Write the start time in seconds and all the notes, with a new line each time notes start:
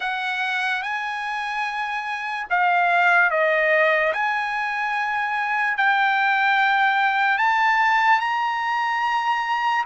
0.00 F#5
0.82 G#5
2.50 F5
3.30 D#5
4.13 G#5
5.77 G5
7.37 A5
8.20 A#5